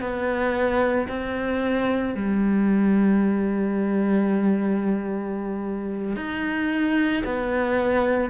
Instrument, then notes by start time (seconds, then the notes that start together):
cello
0.00 B3
1.08 C4
2.15 G3
6.16 D#4
7.24 B3